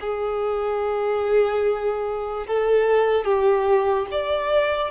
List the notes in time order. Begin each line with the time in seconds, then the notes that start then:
0.00 G#4
2.47 A4
3.24 G4
4.11 D5